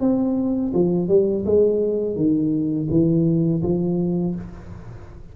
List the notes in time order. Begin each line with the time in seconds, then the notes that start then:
0.00 C4
0.74 F3
1.08 G3
1.45 G#3
2.16 D#3
2.90 E3
3.62 F3